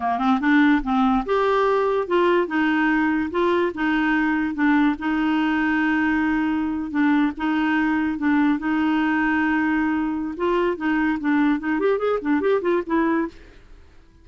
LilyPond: \new Staff \with { instrumentName = "clarinet" } { \time 4/4 \tempo 4 = 145 ais8 c'8 d'4 c'4 g'4~ | g'4 f'4 dis'2 | f'4 dis'2 d'4 | dis'1~ |
dis'8. d'4 dis'2 d'16~ | d'8. dis'2.~ dis'16~ | dis'4 f'4 dis'4 d'4 | dis'8 g'8 gis'8 d'8 g'8 f'8 e'4 | }